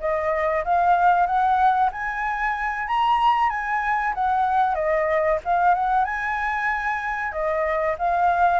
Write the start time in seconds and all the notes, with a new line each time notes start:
0.00 D#5
0.64 F5
1.26 F#5
1.92 G#5
2.88 A#5
3.50 G#5
4.14 F#5
4.75 D#5
5.45 F5
5.74 F#5
6.05 G#5
7.32 D#5
7.98 F5